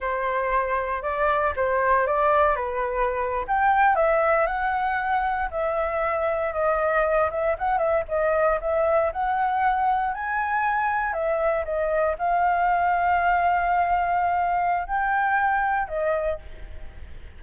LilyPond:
\new Staff \with { instrumentName = "flute" } { \time 4/4 \tempo 4 = 117 c''2 d''4 c''4 | d''4 b'4.~ b'16 g''4 e''16~ | e''8. fis''2 e''4~ e''16~ | e''8. dis''4. e''8 fis''8 e''8 dis''16~ |
dis''8. e''4 fis''2 gis''16~ | gis''4.~ gis''16 e''4 dis''4 f''16~ | f''1~ | f''4 g''2 dis''4 | }